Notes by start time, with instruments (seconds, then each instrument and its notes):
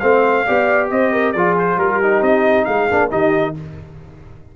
0.00 tuba A3, trombone C4, horn C5, trumpet F5
0.46 tuba B3, trombone G4, horn D5
0.91 tuba C4, horn C5, trumpet D#5
1.12 horn A#4
1.32 tuba F3, trombone F4, horn G#4, trumpet D5
1.59 trumpet C5
1.77 tuba G3, horn G4, trumpet A#4
2.03 trombone D#4
2.22 tuba C4, trumpet D#5
2.65 tuba G#3, horn G#4, trumpet F5
2.91 tuba A#3, trombone D4
3.10 tuba D#3, trombone D#4, horn G4, trumpet D#5